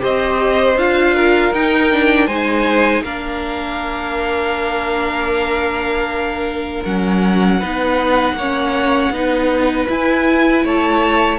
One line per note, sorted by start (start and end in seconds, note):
0.00 0.76 C4
0.00 0.76 G4
0.00 1.16 C5
0.00 0.78 D#5
0.76 1.52 D4
0.76 1.54 F4
0.76 1.54 F5
1.16 2.27 A#4
1.53 2.28 D#4
1.53 1.92 D#4
1.53 2.28 G5
1.92 2.29 D4
2.27 3.02 G#3
2.27 3.05 D#4
2.27 3.03 C5
2.27 3.04 G#5
3.02 6.82 A#3
3.02 6.86 D4
3.02 7.60 A#4
3.02 6.84 F5
6.84 7.62 F#3
6.84 7.62 C#4
6.84 9.88 F#5
7.60 8.34 B3
7.60 8.38 D#4
7.60 8.36 B4
8.34 9.10 A#3
8.34 9.14 C#5
8.41 9.14 C#4
9.11 9.87 B3
9.11 9.88 D#4
9.11 10.65 B4
9.88 11.40 E4
9.88 10.64 E4
9.88 10.67 G#5
10.64 11.40 A3
10.64 11.40 C#5
10.64 11.40 A5